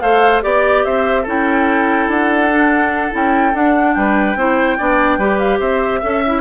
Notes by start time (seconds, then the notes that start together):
0.00 A3 A4 C5 F5
0.42 B3 G4 D5
0.84 C4 C5 E5
1.22 C#4 E4 A4
1.29 G5
2.07 D4 F#5
2.50 D4
3.11 C#4 E4 G5
3.53 D4 F#5
3.94 G3 B4 G5
4.35 C4 E4 C5
4.78 B3 D4 D5
5.18 G3 G4 B4
5.38 F5
5.59 C4 C5 E5
6.00 C#4 A4 E5
6.26 E4